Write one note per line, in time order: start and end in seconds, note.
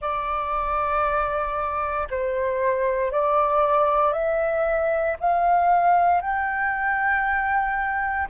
0.01 2.08 D5
2.10 3.11 C5
3.11 4.12 D5
4.12 5.16 E5
5.20 6.21 F5
6.21 8.28 G5